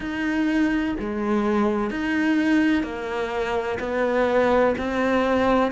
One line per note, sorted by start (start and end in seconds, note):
0.00 0.95 D#4
0.99 1.90 G#3
1.90 2.83 D#4
2.83 3.78 A#3
3.79 4.74 B3
4.78 5.71 C4